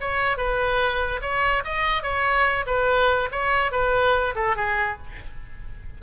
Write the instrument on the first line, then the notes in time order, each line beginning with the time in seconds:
oboe
0.00 C#5
0.37 B4
1.21 C#5
1.64 D#5
2.03 C#5
2.66 B4
3.32 C#5
3.72 B4
4.35 A4
4.56 G#4